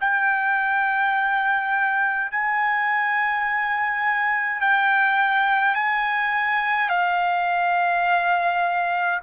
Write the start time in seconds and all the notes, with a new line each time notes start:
0.00 G5
2.31 G#5
4.60 G5
5.74 G#5
6.89 F5